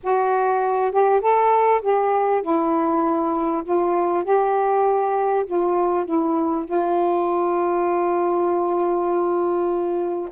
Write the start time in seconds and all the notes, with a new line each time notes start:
0.03 F#4
0.91 G4
1.20 A4
1.81 G4
2.41 E4
3.64 F4
4.24 G4
5.45 F4
6.05 E4
6.65 F4